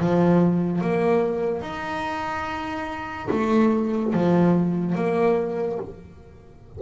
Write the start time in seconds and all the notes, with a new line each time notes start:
0.00 F3
0.81 A#3
1.62 D#4
3.31 A3
4.14 F3
4.95 A#3